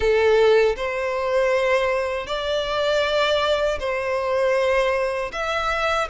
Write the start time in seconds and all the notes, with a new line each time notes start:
0.00 A4
0.76 C5
2.26 D5
3.79 C5
5.32 E5